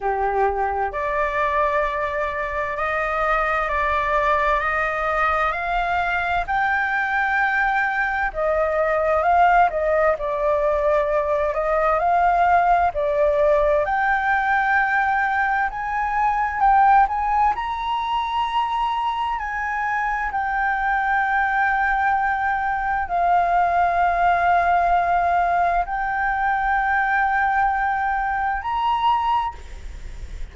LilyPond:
\new Staff \with { instrumentName = "flute" } { \time 4/4 \tempo 4 = 65 g'4 d''2 dis''4 | d''4 dis''4 f''4 g''4~ | g''4 dis''4 f''8 dis''8 d''4~ | d''8 dis''8 f''4 d''4 g''4~ |
g''4 gis''4 g''8 gis''8 ais''4~ | ais''4 gis''4 g''2~ | g''4 f''2. | g''2. ais''4 | }